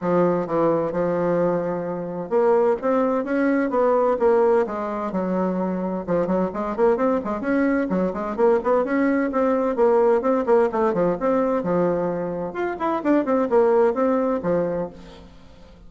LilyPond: \new Staff \with { instrumentName = "bassoon" } { \time 4/4 \tempo 4 = 129 f4 e4 f2~ | f4 ais4 c'4 cis'4 | b4 ais4 gis4 fis4~ | fis4 f8 fis8 gis8 ais8 c'8 gis8 |
cis'4 fis8 gis8 ais8 b8 cis'4 | c'4 ais4 c'8 ais8 a8 f8 | c'4 f2 f'8 e'8 | d'8 c'8 ais4 c'4 f4 | }